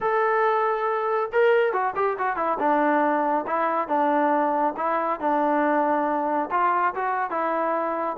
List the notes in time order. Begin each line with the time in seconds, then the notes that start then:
0.00 A4
1.32 A#4
1.72 F#4
1.95 G4
2.18 F#4
2.36 E4
2.59 D4
3.46 E4
3.87 D4
4.76 E4
5.20 D4
6.50 F4
6.94 F#4
7.30 E4